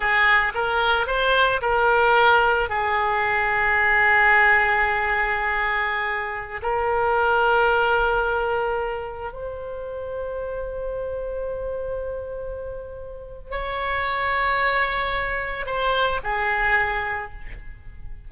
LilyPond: \new Staff \with { instrumentName = "oboe" } { \time 4/4 \tempo 4 = 111 gis'4 ais'4 c''4 ais'4~ | ais'4 gis'2.~ | gis'1~ | gis'16 ais'2.~ ais'8.~ |
ais'4~ ais'16 c''2~ c''8.~ | c''1~ | c''4 cis''2.~ | cis''4 c''4 gis'2 | }